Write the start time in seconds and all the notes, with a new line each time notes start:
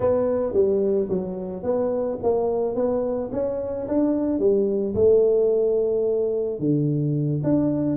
0.00 B3
0.53 G3
1.09 F#3
1.63 B3
2.22 A#3
2.75 B3
3.32 C#4
3.88 D4
4.39 G3
4.94 A3
6.59 D3
7.43 D4